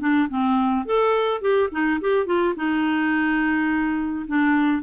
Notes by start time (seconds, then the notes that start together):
0.00 D4
0.29 C4
0.85 A4
1.41 G4
1.72 D#4
2.01 G4
2.26 F4
2.56 D#4
4.27 D4